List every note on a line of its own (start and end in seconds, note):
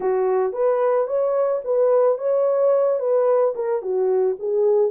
0.00 0.53 F#4
0.53 1.07 B4
1.07 1.61 C#5
1.64 2.18 B4
2.18 2.99 C#5
2.99 3.54 B4
3.55 3.82 A#4
3.82 4.36 F#4
4.39 4.91 G#4